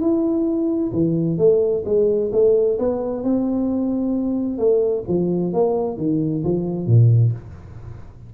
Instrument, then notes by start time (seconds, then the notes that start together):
tuba
0.00 E4
0.92 E3
1.38 A3
1.85 G#3
2.32 A3
2.78 B3
3.23 C4
4.58 A3
5.08 F3
5.53 A#3
5.97 D#3
6.44 F3
6.86 A#2